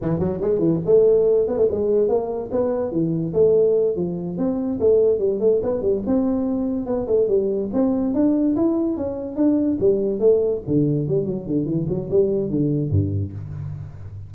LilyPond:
\new Staff \with { instrumentName = "tuba" } { \time 4/4 \tempo 4 = 144 e8 fis8 gis8 e8 a4. b16 a16 | gis4 ais4 b4 e4 | a4. f4 c'4 a8~ | a8 g8 a8 b8 g8 c'4.~ |
c'8 b8 a8 g4 c'4 d'8~ | d'8 e'4 cis'4 d'4 g8~ | g8 a4 d4 g8 fis8 d8 | e8 fis8 g4 d4 g,4 | }